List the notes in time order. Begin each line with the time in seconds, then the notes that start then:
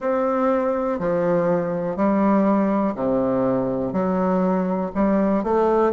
0.00 C4
0.99 F3
1.96 G3
2.95 C3
3.92 F#3
4.94 G3
5.43 A3